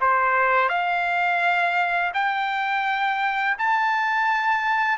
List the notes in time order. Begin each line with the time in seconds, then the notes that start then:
0.00 C5
0.69 F5
2.14 G5
3.58 A5